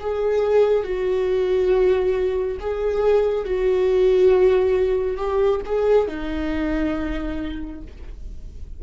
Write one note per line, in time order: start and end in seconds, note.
0.00 0.84 G#4
0.84 2.58 F#4
2.60 3.45 G#4
3.45 5.17 F#4
5.17 5.60 G4
5.66 6.08 G#4
6.08 7.81 D#4